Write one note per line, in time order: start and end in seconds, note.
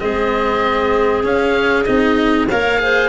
0.00 1.24 G#3
0.00 1.24 C4
0.00 2.49 G#4
0.00 1.24 D#5
1.24 1.85 C#4
1.24 1.86 C#4
1.24 1.85 F5
1.85 2.50 C4
1.85 2.48 D#4
1.85 2.47 D#5
2.49 3.09 A#3
2.49 2.79 A#4
2.49 2.80 C#5
2.49 3.09 F5
2.79 3.09 G#4
2.79 3.09 C5